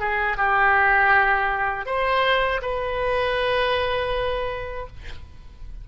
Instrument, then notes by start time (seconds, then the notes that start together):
oboe
0.00 G#4
0.37 G4
1.86 C5
2.62 B4